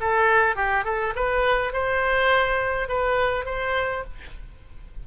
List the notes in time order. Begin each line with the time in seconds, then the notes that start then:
0.00 A4
0.55 G4
0.84 A4
1.15 B4
1.72 C5
2.88 B4
3.45 C5